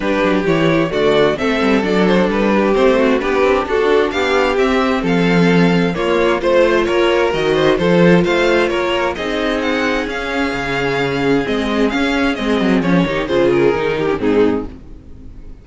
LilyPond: <<
  \new Staff \with { instrumentName = "violin" } { \time 4/4 \tempo 4 = 131 b'4 cis''4 d''4 e''4 | d''8 c''8 b'4 c''4 b'4 | a'4 f''4 e''4 f''4~ | f''4 cis''4 c''4 cis''4 |
dis''4 c''4 f''4 cis''4 | dis''4 fis''4 f''2~ | f''4 dis''4 f''4 dis''4 | cis''4 c''8 ais'4. gis'4 | }
  \new Staff \with { instrumentName = "violin" } { \time 4/4 g'2 fis'4 a'4~ | a'4. g'4 fis'8 g'4 | fis'4 g'2 a'4~ | a'4 f'4 c''4 ais'4~ |
ais'8 c''8 a'4 c''4 ais'4 | gis'1~ | gis'1~ | gis'8 g'8 gis'4. g'8 dis'4 | }
  \new Staff \with { instrumentName = "viola" } { \time 4/4 d'4 e'4 a4 c'4 | d'2 c'4 d'4~ | d'2 c'2~ | c'4 ais4 f'2 |
fis'4 f'2. | dis'2 cis'2~ | cis'4 c'4 cis'4 c'4 | cis'8 dis'8 f'4 dis'8. cis'16 c'4 | }
  \new Staff \with { instrumentName = "cello" } { \time 4/4 g8 fis8 e4 d4 a8 g8 | fis4 g4 a4 b8 c'8 | d'4 b4 c'4 f4~ | f4 ais4 a4 ais4 |
dis4 f4 a4 ais4 | c'2 cis'4 cis4~ | cis4 gis4 cis'4 gis8 fis8 | f8 dis8 cis4 dis4 gis,4 | }
>>